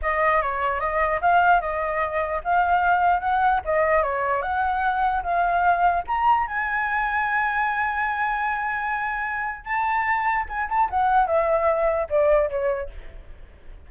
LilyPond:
\new Staff \with { instrumentName = "flute" } { \time 4/4 \tempo 4 = 149 dis''4 cis''4 dis''4 f''4 | dis''2 f''2 | fis''4 dis''4 cis''4 fis''4~ | fis''4 f''2 ais''4 |
gis''1~ | gis''1 | a''2 gis''8 a''8 fis''4 | e''2 d''4 cis''4 | }